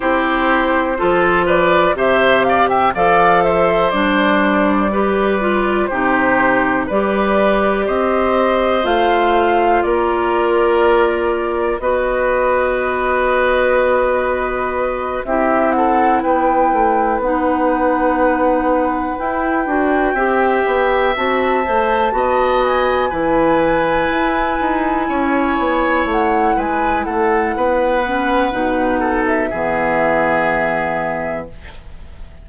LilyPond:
<<
  \new Staff \with { instrumentName = "flute" } { \time 4/4 \tempo 4 = 61 c''4. d''8 e''8 f''16 g''16 f''8 e''8 | d''2 c''4 d''4 | dis''4 f''4 d''2 | dis''2.~ dis''8 e''8 |
fis''8 g''4 fis''2 g''8~ | g''4. a''4. gis''4~ | gis''2~ gis''8 fis''8 gis''8 fis''8~ | fis''4.~ fis''16 e''2~ e''16 | }
  \new Staff \with { instrumentName = "oboe" } { \time 4/4 g'4 a'8 b'8 c''8 d''16 e''16 d''8 c''8~ | c''4 b'4 g'4 b'4 | c''2 ais'2 | b'2.~ b'8 g'8 |
a'8 b'2.~ b'8~ | b'8 e''2 dis''4 b'8~ | b'4. cis''4. b'8 a'8 | b'4. a'8 gis'2 | }
  \new Staff \with { instrumentName = "clarinet" } { \time 4/4 e'4 f'4 g'4 a'4 | d'4 g'8 f'8 dis'4 g'4~ | g'4 f'2. | fis'2.~ fis'8 e'8~ |
e'4. dis'2 e'8 | fis'8 g'4 fis'8 c''8 fis'4 e'8~ | e'1~ | e'8 cis'8 dis'4 b2 | }
  \new Staff \with { instrumentName = "bassoon" } { \time 4/4 c'4 f4 c4 f4 | g2 c4 g4 | c'4 a4 ais2 | b2.~ b8 c'8~ |
c'8 b8 a8 b2 e'8 | d'8 c'8 b8 c'8 a8 b4 e8~ | e8 e'8 dis'8 cis'8 b8 a8 gis8 a8 | b4 b,4 e2 | }
>>